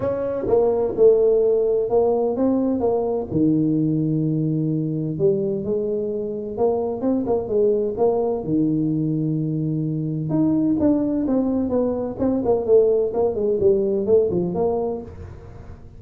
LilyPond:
\new Staff \with { instrumentName = "tuba" } { \time 4/4 \tempo 4 = 128 cis'4 ais4 a2 | ais4 c'4 ais4 dis4~ | dis2. g4 | gis2 ais4 c'8 ais8 |
gis4 ais4 dis2~ | dis2 dis'4 d'4 | c'4 b4 c'8 ais8 a4 | ais8 gis8 g4 a8 f8 ais4 | }